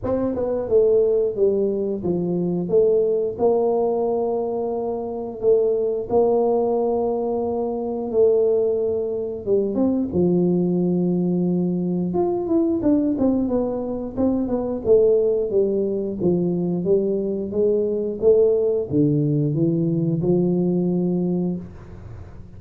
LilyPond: \new Staff \with { instrumentName = "tuba" } { \time 4/4 \tempo 4 = 89 c'8 b8 a4 g4 f4 | a4 ais2. | a4 ais2. | a2 g8 c'8 f4~ |
f2 f'8 e'8 d'8 c'8 | b4 c'8 b8 a4 g4 | f4 g4 gis4 a4 | d4 e4 f2 | }